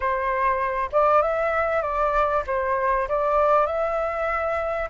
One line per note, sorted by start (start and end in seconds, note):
0.00 0.90 C5
0.92 1.22 D5
1.22 1.82 E5
1.82 2.43 D5
2.46 3.08 C5
3.08 3.66 D5
3.66 4.88 E5